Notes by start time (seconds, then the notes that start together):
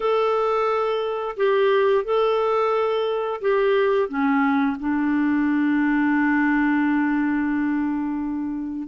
0.00 A4
1.36 G4
2.04 A4
3.41 G4
4.08 C#4
4.79 D4